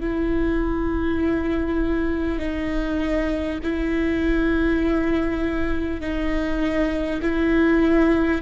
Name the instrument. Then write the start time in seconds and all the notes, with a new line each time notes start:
viola
0.00 E4
2.38 D#4
3.63 E4
6.01 D#4
7.21 E4